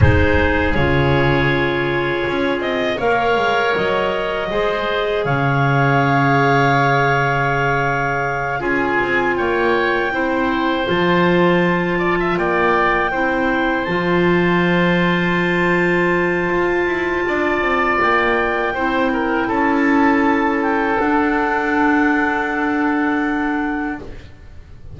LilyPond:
<<
  \new Staff \with { instrumentName = "clarinet" } { \time 4/4 \tempo 4 = 80 c''4 cis''2~ cis''8 dis''8 | f''4 dis''2 f''4~ | f''2.~ f''8 gis''8~ | gis''8 g''2 a''4.~ |
a''8 g''2 a''4.~ | a''1 | g''2 a''4. g''8 | fis''1 | }
  \new Staff \with { instrumentName = "oboe" } { \time 4/4 gis'1 | cis''2 c''4 cis''4~ | cis''2.~ cis''8 gis'8~ | gis'8 cis''4 c''2~ c''8 |
d''16 e''16 d''4 c''2~ c''8~ | c''2. d''4~ | d''4 c''8 ais'8 a'2~ | a'1 | }
  \new Staff \with { instrumentName = "clarinet" } { \time 4/4 dis'4 f'2. | ais'2 gis'2~ | gis'2.~ gis'8 f'8~ | f'4. e'4 f'4.~ |
f'4. e'4 f'4.~ | f'1~ | f'4 e'2. | d'1 | }
  \new Staff \with { instrumentName = "double bass" } { \time 4/4 gis4 cis2 cis'8 c'8 | ais8 gis8 fis4 gis4 cis4~ | cis2.~ cis8 cis'8 | c'8 ais4 c'4 f4.~ |
f8 ais4 c'4 f4.~ | f2 f'8 e'8 d'8 c'8 | ais4 c'4 cis'2 | d'1 | }
>>